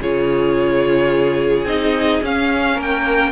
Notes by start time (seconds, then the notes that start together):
0.00 C#3 F4 G#4 C#5
1.64 C4 D#4 D#5
2.22 C#4 F5
2.74 A#3 A#4
2.81 G5